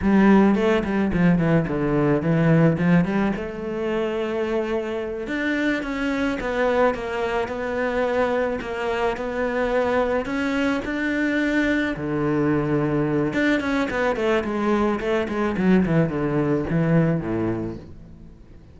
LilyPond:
\new Staff \with { instrumentName = "cello" } { \time 4/4 \tempo 4 = 108 g4 a8 g8 f8 e8 d4 | e4 f8 g8 a2~ | a4. d'4 cis'4 b8~ | b8 ais4 b2 ais8~ |
ais8 b2 cis'4 d'8~ | d'4. d2~ d8 | d'8 cis'8 b8 a8 gis4 a8 gis8 | fis8 e8 d4 e4 a,4 | }